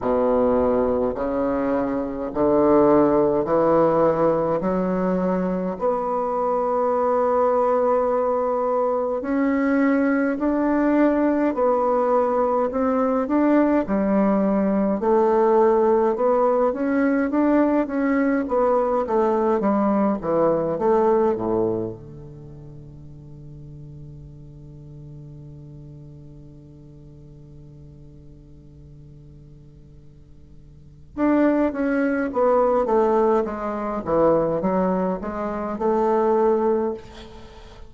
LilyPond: \new Staff \with { instrumentName = "bassoon" } { \time 4/4 \tempo 4 = 52 b,4 cis4 d4 e4 | fis4 b2. | cis'4 d'4 b4 c'8 d'8 | g4 a4 b8 cis'8 d'8 cis'8 |
b8 a8 g8 e8 a8 a,8 d4~ | d1~ | d2. d'8 cis'8 | b8 a8 gis8 e8 fis8 gis8 a4 | }